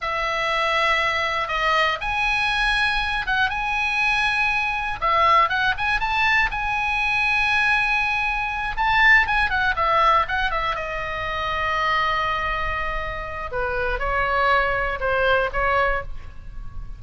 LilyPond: \new Staff \with { instrumentName = "oboe" } { \time 4/4 \tempo 4 = 120 e''2. dis''4 | gis''2~ gis''8 fis''8 gis''4~ | gis''2 e''4 fis''8 gis''8 | a''4 gis''2.~ |
gis''4. a''4 gis''8 fis''8 e''8~ | e''8 fis''8 e''8 dis''2~ dis''8~ | dis''2. b'4 | cis''2 c''4 cis''4 | }